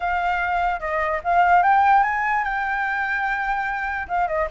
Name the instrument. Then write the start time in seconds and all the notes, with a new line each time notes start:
flute
0.00 F5
0.79 D#5
1.24 F5
1.62 G5
2.03 G#5
2.44 G5
4.08 F5
4.27 D#5